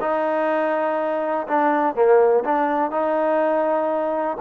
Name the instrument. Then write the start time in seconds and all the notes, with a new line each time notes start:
trombone
0.00 D#4
1.47 D4
1.94 A#3
2.44 D4
2.91 D#4